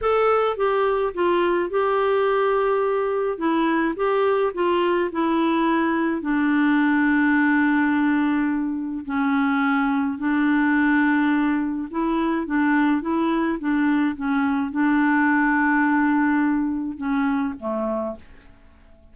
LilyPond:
\new Staff \with { instrumentName = "clarinet" } { \time 4/4 \tempo 4 = 106 a'4 g'4 f'4 g'4~ | g'2 e'4 g'4 | f'4 e'2 d'4~ | d'1 |
cis'2 d'2~ | d'4 e'4 d'4 e'4 | d'4 cis'4 d'2~ | d'2 cis'4 a4 | }